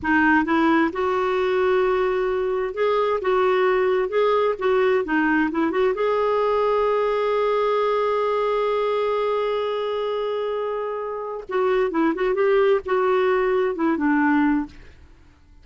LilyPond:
\new Staff \with { instrumentName = "clarinet" } { \time 4/4 \tempo 4 = 131 dis'4 e'4 fis'2~ | fis'2 gis'4 fis'4~ | fis'4 gis'4 fis'4 dis'4 | e'8 fis'8 gis'2.~ |
gis'1~ | gis'1~ | gis'4 fis'4 e'8 fis'8 g'4 | fis'2 e'8 d'4. | }